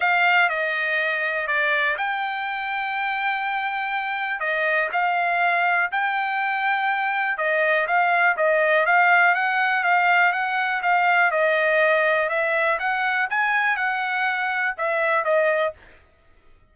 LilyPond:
\new Staff \with { instrumentName = "trumpet" } { \time 4/4 \tempo 4 = 122 f''4 dis''2 d''4 | g''1~ | g''4 dis''4 f''2 | g''2. dis''4 |
f''4 dis''4 f''4 fis''4 | f''4 fis''4 f''4 dis''4~ | dis''4 e''4 fis''4 gis''4 | fis''2 e''4 dis''4 | }